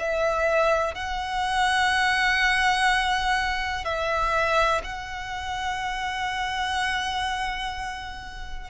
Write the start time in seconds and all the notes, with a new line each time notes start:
0.00 E5
0.95 F#5
3.85 E5
4.84 F#5